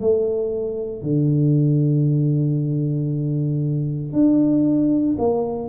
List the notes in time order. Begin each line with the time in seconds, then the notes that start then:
0.00 A3
1.02 D3
4.13 D4
5.18 A#3